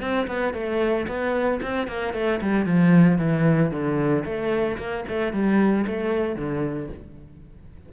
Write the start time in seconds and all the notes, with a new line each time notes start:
0.00 C4
0.27 B3
0.54 A3
1.07 B3
1.62 C4
1.87 A#3
2.14 A3
2.41 G3
2.65 F3
3.18 E3
3.71 D3
4.25 A3
4.78 A#3
5.08 A3
5.33 G3
5.86 A3
6.36 D3